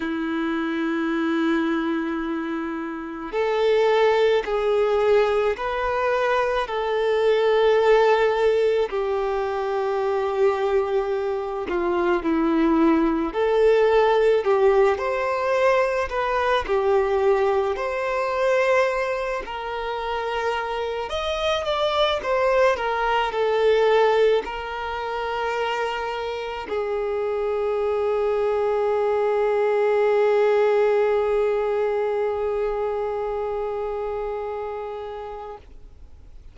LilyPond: \new Staff \with { instrumentName = "violin" } { \time 4/4 \tempo 4 = 54 e'2. a'4 | gis'4 b'4 a'2 | g'2~ g'8 f'8 e'4 | a'4 g'8 c''4 b'8 g'4 |
c''4. ais'4. dis''8 d''8 | c''8 ais'8 a'4 ais'2 | gis'1~ | gis'1 | }